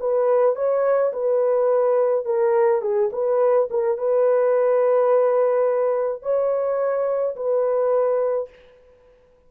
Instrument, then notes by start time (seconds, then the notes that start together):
horn
0.00 B4
0.55 C#5
1.13 B4
2.25 A#4
2.81 G#4
3.12 B4
3.70 A#4
3.98 B4
6.22 C#5
7.36 B4